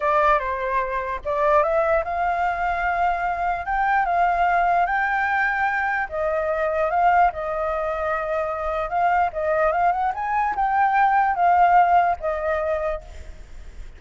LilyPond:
\new Staff \with { instrumentName = "flute" } { \time 4/4 \tempo 4 = 148 d''4 c''2 d''4 | e''4 f''2.~ | f''4 g''4 f''2 | g''2. dis''4~ |
dis''4 f''4 dis''2~ | dis''2 f''4 dis''4 | f''8 fis''8 gis''4 g''2 | f''2 dis''2 | }